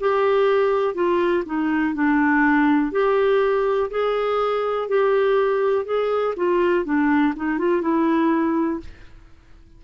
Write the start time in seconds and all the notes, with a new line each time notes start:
0.00 G4
0.94 F4
1.45 D#4
1.94 D4
2.92 G4
3.90 G#4
4.88 G4
5.85 G#4
6.36 F4
6.85 D4
7.35 D#4
7.58 F4
7.81 E4